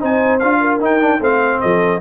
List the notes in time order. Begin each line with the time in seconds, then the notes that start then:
0.00 C4 D#4 C5 G#5
0.40 D4 F4 F5
0.61 A#4
0.80 D#4 G5
1.00 D4
1.20 A3 C4 C5 F5
1.61 F3 A4 D#5